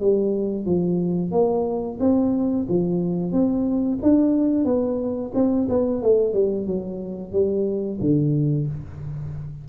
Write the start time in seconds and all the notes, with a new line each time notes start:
0.00 G3
0.65 F3
1.31 A#3
1.99 C4
2.68 F3
3.32 C4
4.02 D4
4.65 B3
5.34 C4
5.69 B3
6.02 A3
6.33 G3
6.66 F#3
7.32 G3
8.00 D3